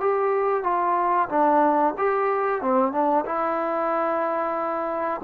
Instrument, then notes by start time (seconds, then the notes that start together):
trombone
0.00 G4
0.63 F4
1.29 D4
1.97 G4
2.61 C4
2.92 D4
3.25 E4